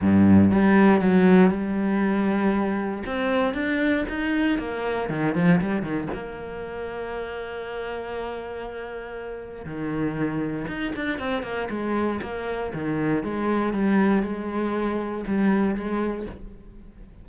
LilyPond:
\new Staff \with { instrumentName = "cello" } { \time 4/4 \tempo 4 = 118 g,4 g4 fis4 g4~ | g2 c'4 d'4 | dis'4 ais4 dis8 f8 g8 dis8 | ais1~ |
ais2. dis4~ | dis4 dis'8 d'8 c'8 ais8 gis4 | ais4 dis4 gis4 g4 | gis2 g4 gis4 | }